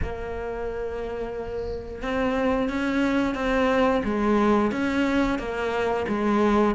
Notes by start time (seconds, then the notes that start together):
0.02 A#3
2.02 C4
2.69 C#4
3.35 C4
4.04 G#3
4.71 C#4
5.38 A#3
6.07 G#3